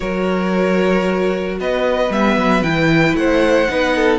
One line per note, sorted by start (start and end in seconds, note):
0.00 1.58 F#3
0.00 2.08 F#4
0.00 1.58 A#4
0.00 1.57 C#5
1.60 2.10 B3
1.60 3.18 B4
1.60 2.12 D#5
2.10 2.36 G3
2.10 2.63 B3
2.10 2.62 E5
2.36 2.62 F#3
2.62 3.14 E3
2.62 3.68 E4
2.62 3.15 G5
3.14 3.67 A3
3.14 3.70 C5
3.14 4.19 F#5
3.68 4.19 B3
3.68 4.19 D#4
3.68 3.96 B4
3.96 4.19 A4